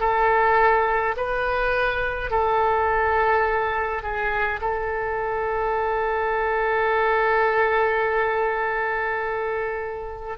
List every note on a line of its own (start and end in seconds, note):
0.00 1.15 A4
1.17 2.31 B4
2.31 4.03 A4
4.03 4.60 G#4
4.62 10.38 A4